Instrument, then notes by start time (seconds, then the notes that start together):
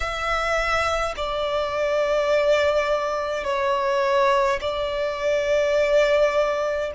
violin
0.00 E5
1.16 D5
3.44 C#5
4.60 D5